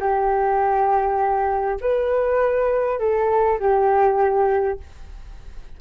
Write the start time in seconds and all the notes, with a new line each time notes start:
0.00 G4
1.81 B4
2.99 A4
3.60 G4